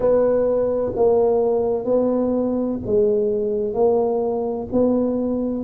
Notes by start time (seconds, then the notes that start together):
0.00 B3
0.95 A#3
1.85 B3
2.86 G#3
3.73 A#3
4.71 B3